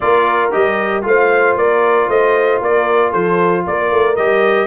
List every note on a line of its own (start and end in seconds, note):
0.00 0.54 A#3
0.00 0.51 F4
0.00 1.06 A#4
0.00 0.51 D5
0.51 1.03 G3
0.51 1.02 G4
0.51 1.04 D#5
1.02 1.55 A3
1.02 4.15 F4
1.02 1.58 C5
1.02 1.57 F5
1.55 2.07 A#3
1.55 2.09 A#4
1.55 2.09 D5
2.08 2.60 A3
2.08 2.61 C5
2.08 2.61 D#5
2.60 3.13 A#3
2.60 3.10 A#4
2.60 3.12 D5
3.10 3.66 F3
3.10 3.62 A4
3.10 3.64 C5
3.67 3.91 A#3
3.67 4.67 A#4
3.67 4.16 D5
3.91 4.17 A3
4.16 4.67 G3
4.16 4.67 G4
4.16 4.67 D#5